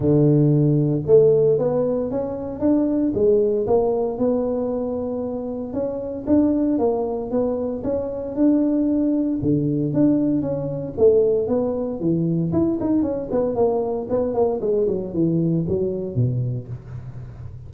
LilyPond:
\new Staff \with { instrumentName = "tuba" } { \time 4/4 \tempo 4 = 115 d2 a4 b4 | cis'4 d'4 gis4 ais4 | b2. cis'4 | d'4 ais4 b4 cis'4 |
d'2 d4 d'4 | cis'4 a4 b4 e4 | e'8 dis'8 cis'8 b8 ais4 b8 ais8 | gis8 fis8 e4 fis4 b,4 | }